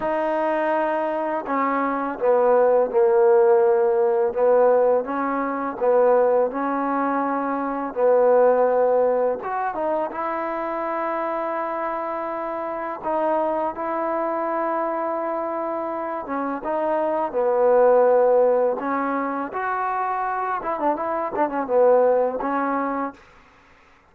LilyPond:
\new Staff \with { instrumentName = "trombone" } { \time 4/4 \tempo 4 = 83 dis'2 cis'4 b4 | ais2 b4 cis'4 | b4 cis'2 b4~ | b4 fis'8 dis'8 e'2~ |
e'2 dis'4 e'4~ | e'2~ e'8 cis'8 dis'4 | b2 cis'4 fis'4~ | fis'8 e'16 d'16 e'8 d'16 cis'16 b4 cis'4 | }